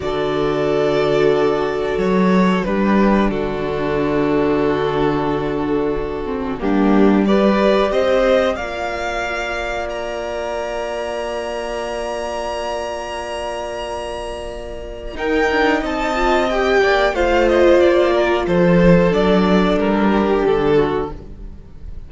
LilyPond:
<<
  \new Staff \with { instrumentName = "violin" } { \time 4/4 \tempo 4 = 91 d''2. cis''4 | b'4 a'2.~ | a'2 g'4 d''4 | dis''4 f''2 ais''4~ |
ais''1~ | ais''2. g''4 | a''4 g''4 f''8 dis''8 d''4 | c''4 d''4 ais'4 a'4 | }
  \new Staff \with { instrumentName = "violin" } { \time 4/4 a'1 | g'4 fis'2.~ | fis'2 d'4 b'4 | c''4 d''2.~ |
d''1~ | d''2. ais'4 | dis''4. d''8 c''4. ais'8 | a'2~ a'8 g'4 fis'8 | }
  \new Staff \with { instrumentName = "viola" } { \time 4/4 fis'1 | d'1~ | d'4. c'8 ais4 g'4~ | g'4 f'2.~ |
f'1~ | f'2. dis'4~ | dis'8 f'8 g'4 f'2~ | f'4 d'2. | }
  \new Staff \with { instrumentName = "cello" } { \time 4/4 d2. fis4 | g4 d2.~ | d2 g2 | c'4 ais2.~ |
ais1~ | ais2. dis'8 d'8 | c'4. ais8 a4 ais4 | f4 fis4 g4 d4 | }
>>